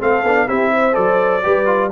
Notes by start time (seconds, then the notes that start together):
0.00 A3 C4 A4 F5
0.24 B3 D4
0.48 C4 E4 G4 E5
0.74 C5
0.93 F#3 A4 D5
1.44 G3 G4 B4
1.66 F4